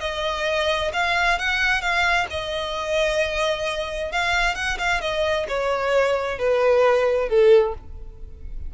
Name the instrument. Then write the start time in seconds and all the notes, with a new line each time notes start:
violin
0.00 D#5
0.93 F5
1.38 F#5
1.81 F5
2.30 D#5
4.11 F5
4.55 F#5
4.78 F5
5.01 D#5
5.48 C#5
6.38 B4
7.29 A4